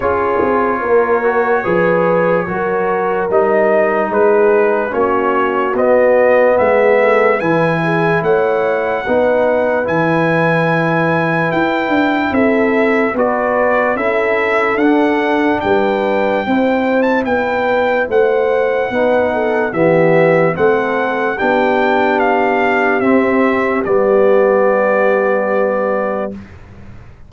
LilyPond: <<
  \new Staff \with { instrumentName = "trumpet" } { \time 4/4 \tempo 4 = 73 cis''1 | dis''4 b'4 cis''4 dis''4 | e''4 gis''4 fis''2 | gis''2 g''4 e''4 |
d''4 e''4 fis''4 g''4~ | g''8. a''16 g''4 fis''2 | e''4 fis''4 g''4 f''4 | e''4 d''2. | }
  \new Staff \with { instrumentName = "horn" } { \time 4/4 gis'4 ais'4 b'4 ais'4~ | ais'4 gis'4 fis'2 | gis'8 a'8 b'8 gis'8 cis''4 b'4~ | b'2. a'4 |
b'4 a'2 b'4 | c''4 b'4 c''4 b'8 a'8 | g'4 a'4 g'2~ | g'1 | }
  \new Staff \with { instrumentName = "trombone" } { \time 4/4 f'4. fis'8 gis'4 fis'4 | dis'2 cis'4 b4~ | b4 e'2 dis'4 | e'1 |
fis'4 e'4 d'2 | e'2. dis'4 | b4 c'4 d'2 | c'4 b2. | }
  \new Staff \with { instrumentName = "tuba" } { \time 4/4 cis'8 c'8 ais4 f4 fis4 | g4 gis4 ais4 b4 | gis4 e4 a4 b4 | e2 e'8 d'8 c'4 |
b4 cis'4 d'4 g4 | c'4 b4 a4 b4 | e4 a4 b2 | c'4 g2. | }
>>